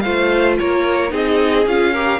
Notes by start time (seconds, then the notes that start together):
0.00 A3 F4 C5 F5
0.58 A#3 A#4 C#5
1.09 C4 D#4 G#4 D#5
1.66 C#4 F4 F5
1.93 G4 A#4